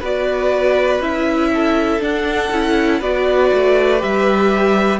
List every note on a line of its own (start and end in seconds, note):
0.00 1.00 B3
0.00 1.02 F#4
0.00 1.50 B4
0.00 1.01 D5
1.00 2.00 C#4
1.00 2.00 E4
1.00 2.01 E5
1.54 3.00 A4
2.00 2.50 D4
2.00 2.51 D4
2.00 3.02 F#5
2.51 3.01 C#4
2.51 3.01 E4
3.00 3.51 B3
3.00 3.98 F#4
3.00 5.00 B4
3.00 4.02 D5
3.53 4.03 A3
3.98 5.00 G3
3.98 4.98 G4
3.98 5.00 E5